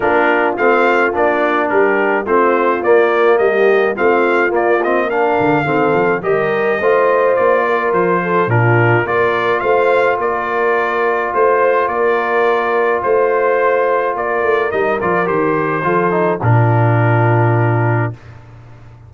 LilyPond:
<<
  \new Staff \with { instrumentName = "trumpet" } { \time 4/4 \tempo 4 = 106 ais'4 f''4 d''4 ais'4 | c''4 d''4 dis''4 f''4 | d''8 dis''8 f''2 dis''4~ | dis''4 d''4 c''4 ais'4 |
d''4 f''4 d''2 | c''4 d''2 c''4~ | c''4 d''4 dis''8 d''8 c''4~ | c''4 ais'2. | }
  \new Staff \with { instrumentName = "horn" } { \time 4/4 f'2. g'4 | f'2 g'4 f'4~ | f'4 ais'4 a'4 ais'4 | c''4. ais'4 a'8 f'4 |
ais'4 c''4 ais'2 | c''4 ais'2 c''4~ | c''4 ais'2. | a'4 f'2. | }
  \new Staff \with { instrumentName = "trombone" } { \time 4/4 d'4 c'4 d'2 | c'4 ais2 c'4 | ais8 c'8 d'4 c'4 g'4 | f'2. d'4 |
f'1~ | f'1~ | f'2 dis'8 f'8 g'4 | f'8 dis'8 d'2. | }
  \new Staff \with { instrumentName = "tuba" } { \time 4/4 ais4 a4 ais4 g4 | a4 ais4 g4 a4 | ais4. d8 dis8 f8 g4 | a4 ais4 f4 ais,4 |
ais4 a4 ais2 | a4 ais2 a4~ | a4 ais8 a8 g8 f8 dis4 | f4 ais,2. | }
>>